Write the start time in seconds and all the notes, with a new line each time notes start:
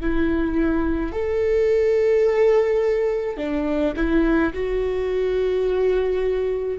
0.00 E4
1.12 A4
3.37 D4
3.96 E4
4.53 F#4